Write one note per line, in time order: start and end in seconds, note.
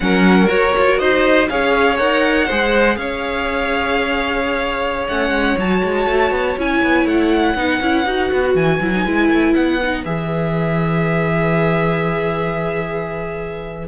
0.00 0.47 F#3
0.00 0.48 C#4
0.00 0.99 A#4
0.00 0.48 F#5
0.47 0.72 F#4
0.47 1.49 F#4
0.47 0.98 C#5
0.77 0.99 F4
0.98 1.48 D#4
0.98 1.49 C5
0.98 1.48 D#5
1.49 1.99 C#4
1.49 1.98 G#4
1.49 2.46 C#5
1.49 1.97 F5
1.97 2.48 D#4
1.97 2.48 A#4
1.97 2.96 F#5
2.46 2.96 G#3
2.46 5.09 G#4
2.46 2.96 C5
2.96 5.07 C#4
2.96 7.58 C#5
2.96 5.07 F5
5.08 5.30 A3
5.08 5.59 C#4
5.08 5.58 F#5
5.30 5.55 G#3
5.57 5.82 F#3
5.57 6.58 F#4
5.57 6.58 A5
5.83 6.05 G#3
6.05 6.30 A3
6.30 6.55 B3
6.57 6.82 C#4
6.57 7.56 E4
6.57 7.07 G#5
6.83 7.05 B3
7.05 7.54 A3
7.05 8.55 F#5
7.55 7.80 B3
7.55 7.81 D#4
7.55 13.87 B4
7.80 8.05 C#4
7.80 8.06 E4
8.05 8.30 D#4
8.05 8.80 F#4
8.32 8.54 B3
8.54 8.79 E3
8.54 9.54 G#5
8.80 9.05 F#3
8.80 8.93 E4
8.93 9.05 D#4
9.05 9.28 G#3
9.05 9.80 E4
9.28 9.53 A3
9.54 10.05 B3
9.54 10.03 F#5
9.82 10.05 D#4
10.05 13.87 E3
10.05 13.87 G#4
10.05 13.87 E5